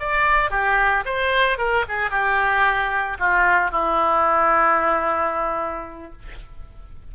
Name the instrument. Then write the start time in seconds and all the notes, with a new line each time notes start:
oboe
0.00 D5
0.50 G4
1.05 C5
1.58 A#4
1.88 G#4
2.11 G4
3.19 F4
3.71 E4